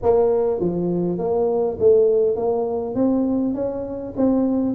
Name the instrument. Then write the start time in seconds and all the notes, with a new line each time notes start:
tuba
0.02 A#3
0.59 F3
1.18 A#3
1.79 A3
2.36 A#3
2.95 C4
3.54 C#4
4.16 C4